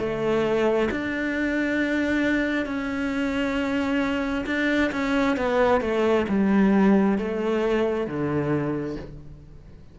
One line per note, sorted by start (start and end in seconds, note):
0.00 0.90 A3
0.92 2.66 D4
2.66 4.45 C#4
4.47 4.91 D4
4.92 5.37 C#4
5.37 5.82 B3
5.82 6.26 A3
6.29 7.18 G3
7.19 8.07 A3
8.07 8.97 D3